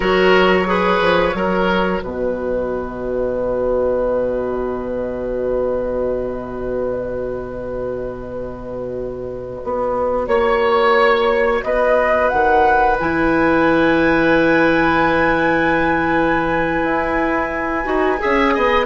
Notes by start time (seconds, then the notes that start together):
0.00 F#3 F#4 A#4 C#5
0.66 G#4 B4
1.00 F3
1.32 F#3 F#4 A#4
2.00 B2 B4 D#5
9.64 B3
10.27 A#3 C#5
11.63 B3 B4 D#5
12.29 D#3 F#5
12.99 E3 E4 G#5
16.83 E4
17.84 D#4 F#4
18.19 C#4 G#4 E5
18.54 B3 D#5